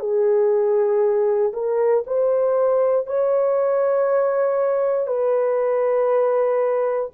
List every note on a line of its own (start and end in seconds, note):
0.00 1.53 G#4
1.53 2.04 A#4
2.07 3.07 C5
3.07 5.08 C#5
5.08 7.11 B4